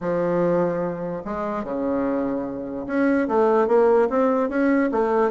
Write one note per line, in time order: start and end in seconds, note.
0.00 1.23 F3
1.24 1.63 G#3
1.63 2.86 C#3
2.86 3.27 C#4
3.28 3.67 A3
3.67 4.08 A#3
4.09 4.49 C4
4.49 4.89 C#4
4.91 5.31 A3